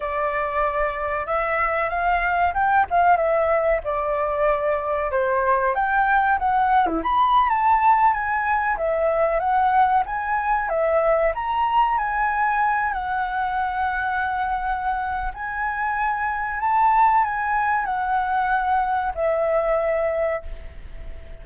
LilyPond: \new Staff \with { instrumentName = "flute" } { \time 4/4 \tempo 4 = 94 d''2 e''4 f''4 | g''8 f''8 e''4 d''2 | c''4 g''4 fis''8. e'16 b''8. a''16~ | a''8. gis''4 e''4 fis''4 gis''16~ |
gis''8. e''4 ais''4 gis''4~ gis''16~ | gis''16 fis''2.~ fis''8. | gis''2 a''4 gis''4 | fis''2 e''2 | }